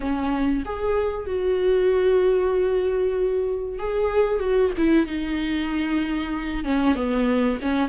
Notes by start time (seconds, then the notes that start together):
0.00 C#4
0.65 G#4
1.26 F#4
3.79 G#4
4.39 F#4
4.77 E4
5.06 D#4
6.64 C#4
6.95 B3
7.61 C#4